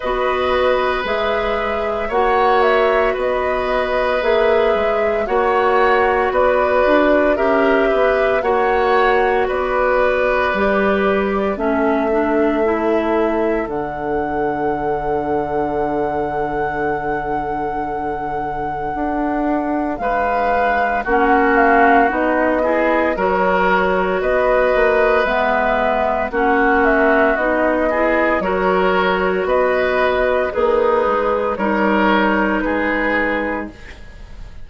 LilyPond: <<
  \new Staff \with { instrumentName = "flute" } { \time 4/4 \tempo 4 = 57 dis''4 e''4 fis''8 e''8 dis''4 | e''4 fis''4 d''4 e''4 | fis''4 d''2 e''4~ | e''4 fis''2.~ |
fis''2. f''4 | fis''8 f''8 dis''4 cis''4 dis''4 | e''4 fis''8 e''8 dis''4 cis''4 | dis''4 b'4 cis''4 b'4 | }
  \new Staff \with { instrumentName = "oboe" } { \time 4/4 b'2 cis''4 b'4~ | b'4 cis''4 b'4 ais'8 b'8 | cis''4 b'2 a'4~ | a'1~ |
a'2. b'4 | fis'4. gis'8 ais'4 b'4~ | b'4 fis'4. gis'8 ais'4 | b'4 dis'4 ais'4 gis'4 | }
  \new Staff \with { instrumentName = "clarinet" } { \time 4/4 fis'4 gis'4 fis'2 | gis'4 fis'2 g'4 | fis'2 g'4 cis'8 d'8 | e'4 d'2.~ |
d'1 | cis'4 dis'8 e'8 fis'2 | b4 cis'4 dis'8 e'8 fis'4~ | fis'4 gis'4 dis'2 | }
  \new Staff \with { instrumentName = "bassoon" } { \time 4/4 b4 gis4 ais4 b4 | ais8 gis8 ais4 b8 d'8 cis'8 b8 | ais4 b4 g4 a4~ | a4 d2.~ |
d2 d'4 gis4 | ais4 b4 fis4 b8 ais8 | gis4 ais4 b4 fis4 | b4 ais8 gis8 g4 gis4 | }
>>